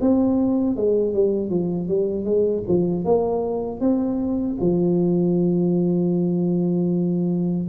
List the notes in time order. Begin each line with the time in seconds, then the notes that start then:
0.00 C4
0.76 G#3
1.13 G3
1.49 F3
1.88 G3
2.24 G#3
2.67 F3
3.05 A#3
3.80 C4
4.60 F3